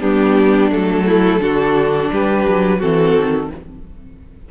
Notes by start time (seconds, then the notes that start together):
0.00 G3 B3 D4 G4
0.70 F#3 A3 A4
1.06 E4
1.40 D3 D4 F#4
2.11 G3 G4 B4
2.48 F#3
2.78 E3 C4 F#4 A4
3.16 D#3